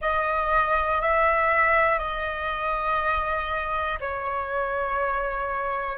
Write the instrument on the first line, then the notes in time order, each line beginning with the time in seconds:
flute
0.00 D#5
1.00 E5
1.98 D#5
4.00 C#5